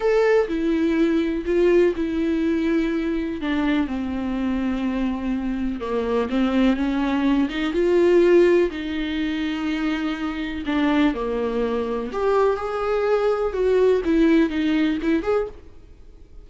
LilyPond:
\new Staff \with { instrumentName = "viola" } { \time 4/4 \tempo 4 = 124 a'4 e'2 f'4 | e'2. d'4 | c'1 | ais4 c'4 cis'4. dis'8 |
f'2 dis'2~ | dis'2 d'4 ais4~ | ais4 g'4 gis'2 | fis'4 e'4 dis'4 e'8 gis'8 | }